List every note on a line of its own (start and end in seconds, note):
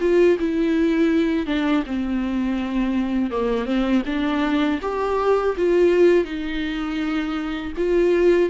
0.00 0.37 F4
0.39 1.46 E4
1.46 1.83 D4
1.86 3.30 C4
3.30 3.65 A#3
3.65 4.02 C4
4.06 4.80 D4
4.81 5.56 G4
5.57 6.24 F4
6.24 7.72 D#4
7.76 8.49 F4